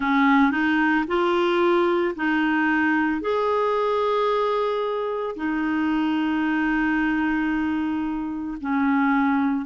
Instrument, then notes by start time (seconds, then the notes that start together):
clarinet
0.00 C#4
0.51 D#4
1.07 F4
2.15 D#4
3.21 G#4
5.36 D#4
8.61 C#4